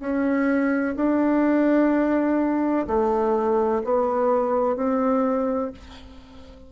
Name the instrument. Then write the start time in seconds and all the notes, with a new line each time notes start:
bassoon
0.00 C#4
0.96 D4
2.87 A3
3.84 B3
4.76 C4